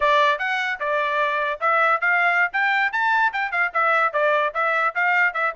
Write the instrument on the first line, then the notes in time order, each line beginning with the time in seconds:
trumpet
0.00 D5
0.38 F#5
0.79 D5
1.60 E5
2.00 F5
2.52 G5
2.92 A5
3.32 G5
3.51 F5
3.73 E5
4.12 D5
4.54 E5
4.94 F5
5.33 E5